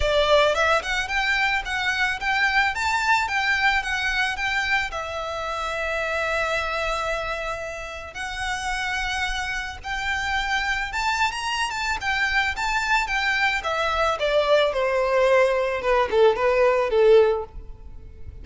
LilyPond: \new Staff \with { instrumentName = "violin" } { \time 4/4 \tempo 4 = 110 d''4 e''8 fis''8 g''4 fis''4 | g''4 a''4 g''4 fis''4 | g''4 e''2.~ | e''2. fis''4~ |
fis''2 g''2 | a''8. ais''8. a''8 g''4 a''4 | g''4 e''4 d''4 c''4~ | c''4 b'8 a'8 b'4 a'4 | }